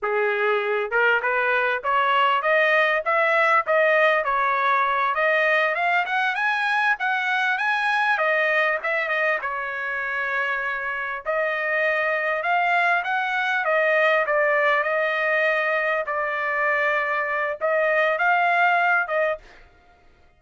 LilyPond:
\new Staff \with { instrumentName = "trumpet" } { \time 4/4 \tempo 4 = 99 gis'4. ais'8 b'4 cis''4 | dis''4 e''4 dis''4 cis''4~ | cis''8 dis''4 f''8 fis''8 gis''4 fis''8~ | fis''8 gis''4 dis''4 e''8 dis''8 cis''8~ |
cis''2~ cis''8 dis''4.~ | dis''8 f''4 fis''4 dis''4 d''8~ | d''8 dis''2 d''4.~ | d''4 dis''4 f''4. dis''8 | }